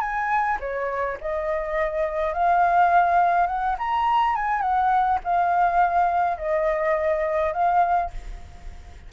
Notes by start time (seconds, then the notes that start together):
0.00 G#5
0.60 C#5
1.20 D#5
2.33 F5
3.47 F#5
3.78 A#5
4.35 G#5
4.61 F#5
5.24 F5
6.37 D#5
7.53 F5